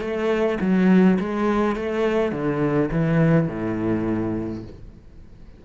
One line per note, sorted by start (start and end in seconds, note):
0.00 0.58 A3
0.60 1.18 F#3
1.19 1.75 G#3
1.75 2.32 A3
2.32 2.89 D3
2.91 3.48 E3
3.48 4.63 A2